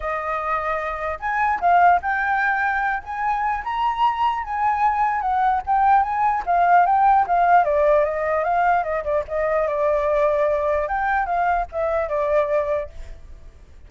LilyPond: \new Staff \with { instrumentName = "flute" } { \time 4/4 \tempo 4 = 149 dis''2. gis''4 | f''4 g''2~ g''8 gis''8~ | gis''4 ais''2 gis''4~ | gis''4 fis''4 g''4 gis''4 |
f''4 g''4 f''4 d''4 | dis''4 f''4 dis''8 d''8 dis''4 | d''2. g''4 | f''4 e''4 d''2 | }